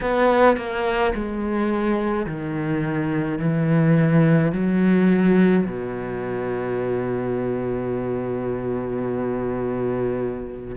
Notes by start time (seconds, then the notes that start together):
0.01 B3
0.57 A#3
1.14 G#3
2.26 D#3
3.38 E3
4.51 F#3
5.66 B2